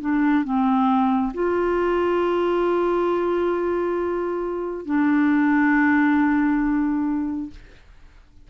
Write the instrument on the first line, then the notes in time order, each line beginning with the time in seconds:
clarinet
0.00 D4
0.44 C4
1.34 F4
4.85 D4